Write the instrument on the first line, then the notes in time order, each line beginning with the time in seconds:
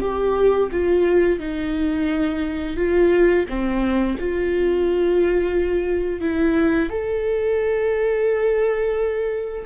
viola
0.00 G4
0.72 F4
1.39 D#4
2.76 F4
3.49 C4
4.19 F4
6.20 E4
6.89 A4